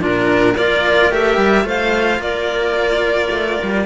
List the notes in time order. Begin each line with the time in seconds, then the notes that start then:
0.00 A#2 D4 F4 A#4
0.55 A#3 F4 A#4 D5
1.10 A3 G4 E5
1.37 G3
1.64 A3 F4 C5 F5
2.18 A#3 A#4 D5
3.30 A3
3.63 G3